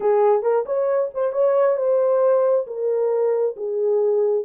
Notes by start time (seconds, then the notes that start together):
0.00 G#4
0.42 A#4
0.65 C#5
1.14 C5
1.32 C#5
1.77 C5
2.66 A#4
3.56 G#4